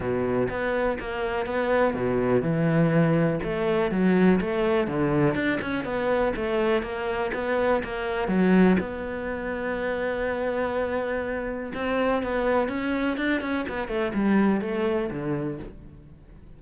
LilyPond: \new Staff \with { instrumentName = "cello" } { \time 4/4 \tempo 4 = 123 b,4 b4 ais4 b4 | b,4 e2 a4 | fis4 a4 d4 d'8 cis'8 | b4 a4 ais4 b4 |
ais4 fis4 b2~ | b1 | c'4 b4 cis'4 d'8 cis'8 | b8 a8 g4 a4 d4 | }